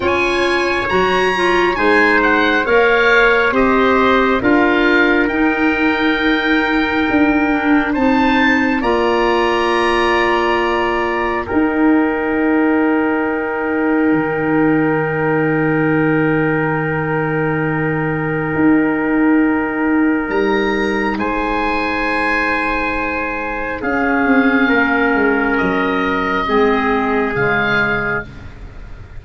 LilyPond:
<<
  \new Staff \with { instrumentName = "oboe" } { \time 4/4 \tempo 4 = 68 gis''4 ais''4 gis''8 fis''8 f''4 | dis''4 f''4 g''2~ | g''4 a''4 ais''2~ | ais''4 g''2.~ |
g''1~ | g''2. ais''4 | gis''2. f''4~ | f''4 dis''2 f''4 | }
  \new Staff \with { instrumentName = "trumpet" } { \time 4/4 cis''2 c''4 cis''4 | c''4 ais'2.~ | ais'4 c''4 d''2~ | d''4 ais'2.~ |
ais'1~ | ais'1 | c''2. gis'4 | ais'2 gis'2 | }
  \new Staff \with { instrumentName = "clarinet" } { \time 4/4 f'4 fis'8 f'8 dis'4 ais'4 | g'4 f'4 dis'2~ | dis'8 d'8 dis'4 f'2~ | f'4 dis'2.~ |
dis'1~ | dis'1~ | dis'2. cis'4~ | cis'2 c'4 gis4 | }
  \new Staff \with { instrumentName = "tuba" } { \time 4/4 cis'4 fis4 gis4 ais4 | c'4 d'4 dis'2 | d'4 c'4 ais2~ | ais4 dis'2. |
dis1~ | dis4 dis'2 g4 | gis2. cis'8 c'8 | ais8 gis8 fis4 gis4 cis4 | }
>>